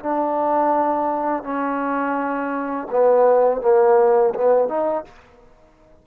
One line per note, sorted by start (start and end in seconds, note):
0.00 1.43 D4
1.43 2.88 C#4
2.91 3.61 B3
3.61 4.34 A#3
4.35 4.69 B3
4.69 5.05 D#4